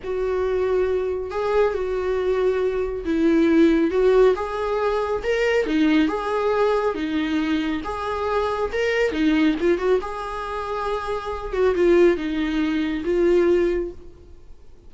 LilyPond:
\new Staff \with { instrumentName = "viola" } { \time 4/4 \tempo 4 = 138 fis'2. gis'4 | fis'2. e'4~ | e'4 fis'4 gis'2 | ais'4 dis'4 gis'2 |
dis'2 gis'2 | ais'4 dis'4 f'8 fis'8 gis'4~ | gis'2~ gis'8 fis'8 f'4 | dis'2 f'2 | }